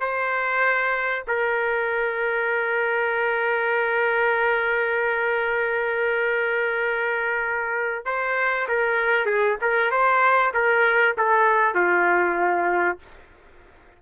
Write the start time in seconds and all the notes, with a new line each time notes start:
0.00 C5
1.27 A#4
8.05 C5
8.68 A#4
9.25 G#4
9.61 A#4
9.91 C5
10.54 A#4
11.17 A4
11.74 F4